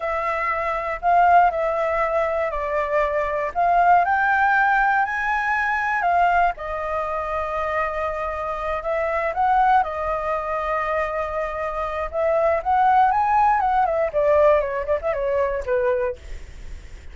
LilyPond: \new Staff \with { instrumentName = "flute" } { \time 4/4 \tempo 4 = 119 e''2 f''4 e''4~ | e''4 d''2 f''4 | g''2 gis''2 | f''4 dis''2.~ |
dis''4. e''4 fis''4 dis''8~ | dis''1 | e''4 fis''4 gis''4 fis''8 e''8 | d''4 cis''8 d''16 e''16 cis''4 b'4 | }